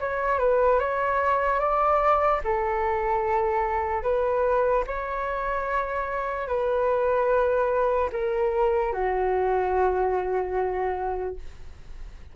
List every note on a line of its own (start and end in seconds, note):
0.00 0.39 C#5
0.39 0.79 B4
0.79 1.60 C#5
1.60 2.41 D5
2.44 4.03 A4
4.03 4.84 B4
4.87 6.48 C#5
6.48 8.10 B4
8.13 8.93 A#4
8.93 11.36 F#4